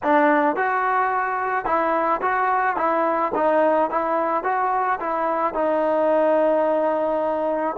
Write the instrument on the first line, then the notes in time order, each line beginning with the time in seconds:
trombone
0.03 D4
0.56 F#4
1.65 E4
2.21 F#4
2.76 E4
3.34 D#4
3.90 E4
4.43 F#4
5.00 E4
5.54 D#4